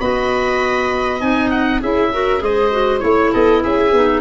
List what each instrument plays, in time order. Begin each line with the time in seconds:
0.00 tuba B3, clarinet F#4, viola D#5, oboe B5
1.20 tuba C4, clarinet D#4, oboe G#5
1.50 oboe F#5
1.80 tuba C#4, clarinet E4, viola G#4, oboe E5
2.13 clarinet F#4, viola A#4
2.39 tuba G#3, clarinet G#4, viola C5, oboe D#5
2.71 clarinet F#4
2.99 tuba A3, clarinet E4, oboe C#5, viola C#5
3.32 tuba B3, viola A4, oboe D#5
3.63 tuba C#4, viola G#4, oboe E5
3.93 tuba B3, clarinet D#4